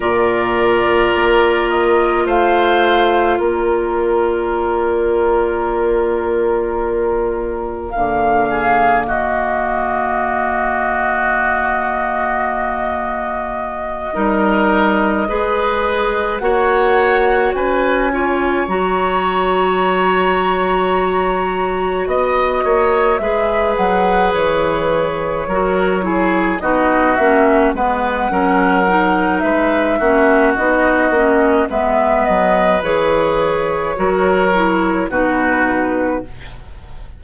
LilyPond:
<<
  \new Staff \with { instrumentName = "flute" } { \time 4/4 \tempo 4 = 53 d''4. dis''8 f''4 d''4~ | d''2. f''4 | dis''1~ | dis''2~ dis''8 fis''4 gis''8~ |
gis''8 ais''2. dis''8~ | dis''8 e''8 fis''8 cis''2 dis''8 | e''8 fis''4. e''4 dis''4 | e''8 dis''8 cis''2 b'4 | }
  \new Staff \with { instrumentName = "oboe" } { \time 4/4 ais'2 c''4 ais'4~ | ais'2.~ ais'8 gis'8 | fis'1~ | fis'8 ais'4 b'4 cis''4 b'8 |
cis''2.~ cis''8 dis''8 | cis''8 b'2 ais'8 gis'8 fis'8~ | fis'8 b'8 ais'4 b'8 fis'4. | b'2 ais'4 fis'4 | }
  \new Staff \with { instrumentName = "clarinet" } { \time 4/4 f'1~ | f'2. ais4~ | ais1~ | ais8 dis'4 gis'4 fis'4. |
f'8 fis'2.~ fis'8~ | fis'8 gis'2 fis'8 e'8 dis'8 | cis'8 b8 cis'8 dis'4 cis'8 dis'8 cis'8 | b4 gis'4 fis'8 e'8 dis'4 | }
  \new Staff \with { instrumentName = "bassoon" } { \time 4/4 ais,4 ais4 a4 ais4~ | ais2. d4 | dis1~ | dis8 g4 gis4 ais4 cis'8~ |
cis'8 fis2. b8 | ais8 gis8 fis8 e4 fis4 b8 | ais8 gis8 fis4 gis8 ais8 b8 ais8 | gis8 fis8 e4 fis4 b,4 | }
>>